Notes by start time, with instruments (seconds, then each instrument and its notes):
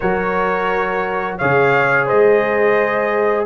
0.00 tuba F#3, trombone F#4, horn A#4, trumpet C#5
1.38 tuba C#3, trombone G#4, horn C#5, trumpet F5
2.06 tuba G#3, horn C5, trumpet D#5